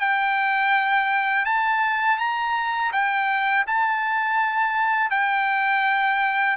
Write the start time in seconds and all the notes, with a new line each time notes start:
0.00 G5
1.45 A5
2.18 A#5
2.92 G5
3.67 A5
5.11 G5